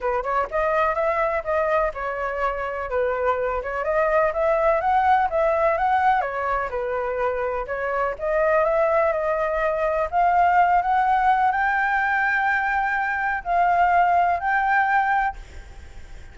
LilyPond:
\new Staff \with { instrumentName = "flute" } { \time 4/4 \tempo 4 = 125 b'8 cis''8 dis''4 e''4 dis''4 | cis''2 b'4. cis''8 | dis''4 e''4 fis''4 e''4 | fis''4 cis''4 b'2 |
cis''4 dis''4 e''4 dis''4~ | dis''4 f''4. fis''4. | g''1 | f''2 g''2 | }